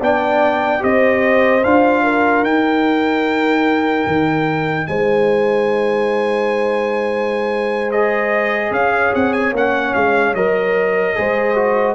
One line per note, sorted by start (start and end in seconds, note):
0.00 0.81 B3
0.00 0.79 D4
0.00 0.81 D5
0.00 0.83 G5
0.79 1.64 C4
0.79 1.60 G4
0.79 2.03 C5
0.79 1.64 D#5
1.64 2.42 D4
1.64 2.45 F4
1.64 2.44 F5
2.03 4.87 A#4
2.42 4.04 D#4
2.42 7.93 D#4
2.42 4.87 G5
4.06 4.87 D#3
4.87 8.70 G#3
4.87 8.74 C5
4.87 7.91 G#5
7.91 9.55 G#4
7.91 8.72 D#5
8.70 9.11 C#4
8.70 11.17 C#5
8.70 9.14 F5
9.15 9.52 C4
9.15 9.33 F#5
9.33 9.53 G#5
9.52 9.92 A#3
9.52 10.36 C#4
9.52 9.93 F#5
9.93 10.34 G#3
9.93 10.34 F5
10.34 11.15 F#3
10.34 11.15 A#4
10.34 11.95 D#5
11.15 11.95 G#3
11.15 11.55 G#4
11.15 11.95 C5
11.55 11.95 F#4